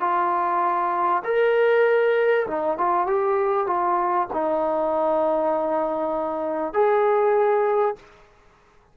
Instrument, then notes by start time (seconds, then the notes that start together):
trombone
0.00 F4
1.24 A#4
2.47 D#4
2.77 F4
3.06 G4
3.66 F4
4.33 D#4
6.73 G#4